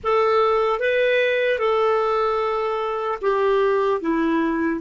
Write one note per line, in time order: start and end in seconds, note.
0.03 0.79 A4
0.79 1.59 B4
1.59 3.19 A4
3.21 4.00 G4
4.00 4.80 E4